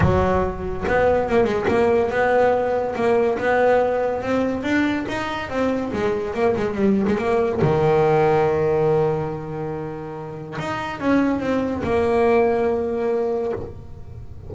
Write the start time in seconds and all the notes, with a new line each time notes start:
0.00 F#3
0.87 B3
1.28 A#3
1.44 G#3
1.68 A#3
2.10 B3
2.95 A#3
3.38 B3
4.22 C4
4.63 D4
5.08 D#4
5.49 C4
5.92 G#3
6.34 A#3
6.56 G#3
6.74 G3
7.07 G#3
7.18 A#3
7.61 D#3
10.58 D#4
11.00 C#4
11.40 C4
11.83 A#3